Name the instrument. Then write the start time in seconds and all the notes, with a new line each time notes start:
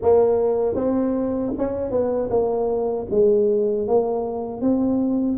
tuba
0.01 A#3
0.75 C4
1.58 C#4
1.91 B3
2.29 A#3
3.10 G#3
3.87 A#3
4.61 C4